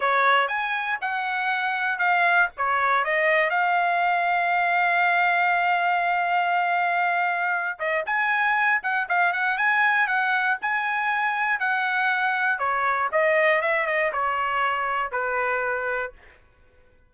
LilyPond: \new Staff \with { instrumentName = "trumpet" } { \time 4/4 \tempo 4 = 119 cis''4 gis''4 fis''2 | f''4 cis''4 dis''4 f''4~ | f''1~ | f''2.~ f''8 dis''8 |
gis''4. fis''8 f''8 fis''8 gis''4 | fis''4 gis''2 fis''4~ | fis''4 cis''4 dis''4 e''8 dis''8 | cis''2 b'2 | }